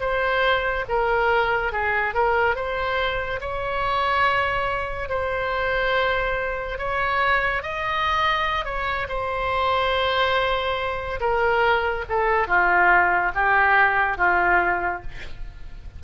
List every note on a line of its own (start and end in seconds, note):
0.00 0.85 C5
0.89 1.72 A#4
1.72 2.14 G#4
2.14 2.55 A#4
2.55 3.40 C5
3.41 5.09 C#5
5.09 6.78 C5
6.78 7.62 C#5
7.62 8.65 D#5
8.65 9.07 C#5
9.08 11.20 C5
11.20 12.05 A#4
12.09 12.47 A4
12.47 13.32 F4
13.35 14.17 G4
14.17 15.02 F4